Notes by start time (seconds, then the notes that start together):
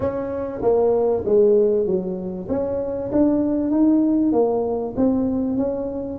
0.00 C#4
0.62 A#3
1.25 G#3
1.86 F#3
2.49 C#4
3.12 D4
3.71 D#4
4.32 A#3
4.96 C4
5.57 C#4